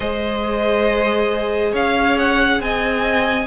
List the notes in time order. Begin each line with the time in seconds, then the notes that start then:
0.00 G#3 G#4 C5 D#5
1.72 C#4 C#5 F5
2.18 F#5
2.60 C4 D#5 G#5